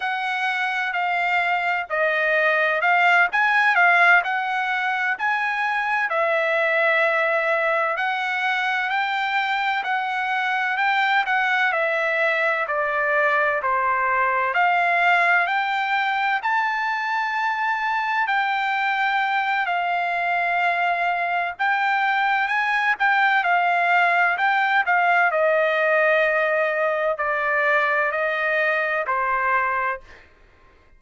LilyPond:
\new Staff \with { instrumentName = "trumpet" } { \time 4/4 \tempo 4 = 64 fis''4 f''4 dis''4 f''8 gis''8 | f''8 fis''4 gis''4 e''4.~ | e''8 fis''4 g''4 fis''4 g''8 | fis''8 e''4 d''4 c''4 f''8~ |
f''8 g''4 a''2 g''8~ | g''4 f''2 g''4 | gis''8 g''8 f''4 g''8 f''8 dis''4~ | dis''4 d''4 dis''4 c''4 | }